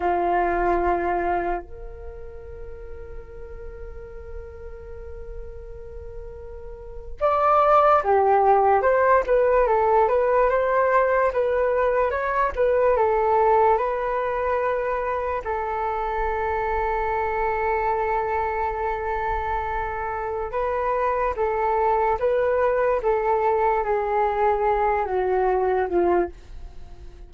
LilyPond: \new Staff \with { instrumentName = "flute" } { \time 4/4 \tempo 4 = 73 f'2 ais'2~ | ais'1~ | ais'8. d''4 g'4 c''8 b'8 a'16~ | a'16 b'8 c''4 b'4 cis''8 b'8 a'16~ |
a'8. b'2 a'4~ a'16~ | a'1~ | a'4 b'4 a'4 b'4 | a'4 gis'4. fis'4 f'8 | }